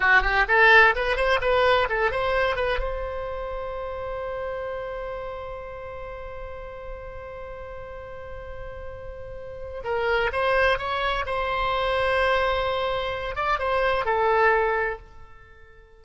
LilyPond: \new Staff \with { instrumentName = "oboe" } { \time 4/4 \tempo 4 = 128 fis'8 g'8 a'4 b'8 c''8 b'4 | a'8 c''4 b'8 c''2~ | c''1~ | c''1~ |
c''1~ | c''4 ais'4 c''4 cis''4 | c''1~ | c''8 d''8 c''4 a'2 | }